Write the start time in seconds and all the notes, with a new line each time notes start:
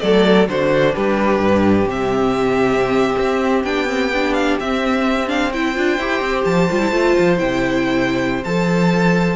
0.00 F#3 A3 A4 D5
0.48 D3 D4 F#4 C5
0.95 G3 G4 B4
1.38 G2
1.87 C3 C4 E5
3.18 C4
3.64 B3 D4 G5
3.86 C4
4.14 D4
4.33 F5
4.60 C4 E5
5.27 D4 F5
5.53 E4 C5 G5
5.75 D4 F4
5.98 E4 G4
6.21 C4
6.44 F3 A5
6.70 G3 F4
6.80 E4
6.91 A3 F4
7.19 F3
7.37 C3 E4 G5
8.44 F3 A4 A5